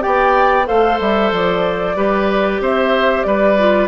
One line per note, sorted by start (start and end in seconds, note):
0.00 0.68 B3
0.00 0.65 G4
0.00 0.67 D5
0.00 0.66 G5
0.66 1.00 A3
0.66 1.95 A4
0.66 1.96 C5
0.66 0.99 F5
1.00 1.32 G3
1.00 1.33 E5
1.32 1.96 F3
1.32 2.62 D5
1.96 2.60 G3
1.96 3.57 G4
1.96 2.61 B4
2.60 3.24 C4
2.60 3.26 C5
2.60 3.23 E5
3.23 3.88 G3
3.23 3.88 B4
3.23 3.87 D5
3.58 3.88 F4